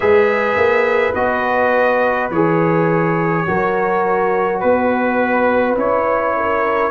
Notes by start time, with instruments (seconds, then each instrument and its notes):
0.00 tuba G#3, trombone G#4, horn B4, trumpet E5
0.56 tuba A#3
1.14 tuba B3, trombone F#4, trumpet D#5
2.30 tuba E3, trombone G#4, trumpet C#5
3.46 tuba F#3, trombone F#4, horn A#4
4.60 tuba B3, trumpet B4, horn B4
5.75 tuba C#4, trombone E4, trumpet C#5
6.37 horn A#4